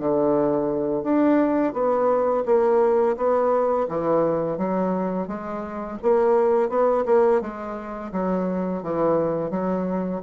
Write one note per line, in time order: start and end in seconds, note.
0.00 1.04 D3
1.04 1.74 D4
1.74 2.44 B3
2.46 3.17 A#3
3.17 3.88 B3
3.89 4.58 E3
4.58 5.28 F#3
5.28 5.98 G#3
6.03 6.70 A#3
6.70 7.05 B3
7.06 7.41 A#3
7.41 8.12 G#3
8.12 8.83 F#3
8.83 9.51 E3
9.51 10.21 F#3